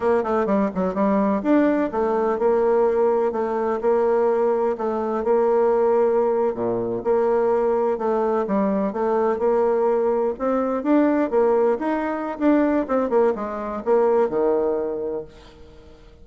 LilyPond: \new Staff \with { instrumentName = "bassoon" } { \time 4/4 \tempo 4 = 126 ais8 a8 g8 fis8 g4 d'4 | a4 ais2 a4 | ais2 a4 ais4~ | ais4.~ ais16 ais,4 ais4~ ais16~ |
ais8. a4 g4 a4 ais16~ | ais4.~ ais16 c'4 d'4 ais16~ | ais8. dis'4~ dis'16 d'4 c'8 ais8 | gis4 ais4 dis2 | }